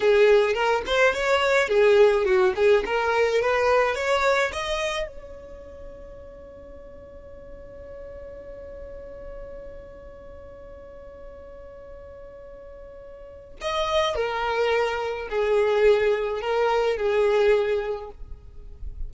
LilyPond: \new Staff \with { instrumentName = "violin" } { \time 4/4 \tempo 4 = 106 gis'4 ais'8 c''8 cis''4 gis'4 | fis'8 gis'8 ais'4 b'4 cis''4 | dis''4 cis''2.~ | cis''1~ |
cis''1~ | cis''1 | dis''4 ais'2 gis'4~ | gis'4 ais'4 gis'2 | }